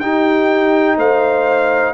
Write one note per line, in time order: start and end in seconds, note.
0.00 0.97 D#4
0.00 1.94 D#4
0.00 0.97 G4
0.00 0.97 G5
0.97 1.94 A3
0.97 1.94 C5
0.97 1.94 F5